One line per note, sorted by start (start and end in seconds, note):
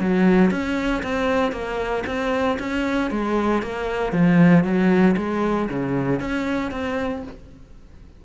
0.00 0.51 F#3
0.51 1.03 C#4
1.03 1.52 C4
1.52 2.04 A#3
2.06 2.58 C4
2.59 3.11 C#4
3.11 3.63 G#3
3.63 4.13 A#3
4.13 4.64 F3
4.64 5.16 F#3
5.17 5.69 G#3
5.69 6.20 C#3
6.20 6.71 C#4
6.71 7.23 C4